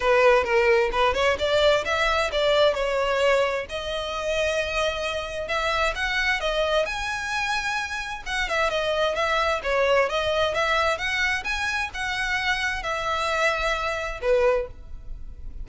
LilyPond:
\new Staff \with { instrumentName = "violin" } { \time 4/4 \tempo 4 = 131 b'4 ais'4 b'8 cis''8 d''4 | e''4 d''4 cis''2 | dis''1 | e''4 fis''4 dis''4 gis''4~ |
gis''2 fis''8 e''8 dis''4 | e''4 cis''4 dis''4 e''4 | fis''4 gis''4 fis''2 | e''2. b'4 | }